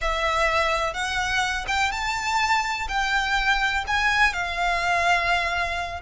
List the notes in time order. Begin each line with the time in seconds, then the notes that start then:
0.01 E5
0.93 F#5
1.67 G5
1.91 A5
2.88 G5
3.87 G#5
4.33 F5